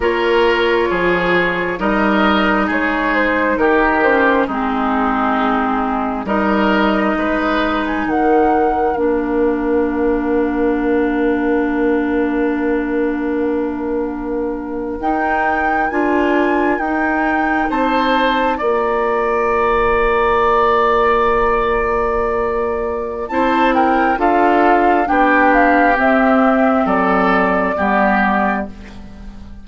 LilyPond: <<
  \new Staff \with { instrumentName = "flute" } { \time 4/4 \tempo 4 = 67 cis''2 dis''4 cis''8 c''8 | ais'8 c''8 gis'2 dis''4~ | dis''8. gis''16 fis''4 f''2~ | f''1~ |
f''8. g''4 gis''4 g''4 a''16~ | a''8. ais''2.~ ais''16~ | ais''2 a''8 g''8 f''4 | g''8 f''8 e''4 d''2 | }
  \new Staff \with { instrumentName = "oboe" } { \time 4/4 ais'4 gis'4 ais'4 gis'4 | g'4 dis'2 ais'4 | b'4 ais'2.~ | ais'1~ |
ais'2.~ ais'8. c''16~ | c''8. d''2.~ d''16~ | d''2 c''8 ais'8 a'4 | g'2 a'4 g'4 | }
  \new Staff \with { instrumentName = "clarinet" } { \time 4/4 f'2 dis'2~ | dis'8 cis'8 c'2 dis'4~ | dis'2 d'2~ | d'1~ |
d'8. dis'4 f'4 dis'4~ dis'16~ | dis'8. f'2.~ f'16~ | f'2 e'4 f'4 | d'4 c'2 b4 | }
  \new Staff \with { instrumentName = "bassoon" } { \time 4/4 ais4 f4 g4 gis4 | dis4 gis2 g4 | gis4 dis4 ais2~ | ais1~ |
ais8. dis'4 d'4 dis'4 c'16~ | c'8. ais2.~ ais16~ | ais2 c'4 d'4 | b4 c'4 fis4 g4 | }
>>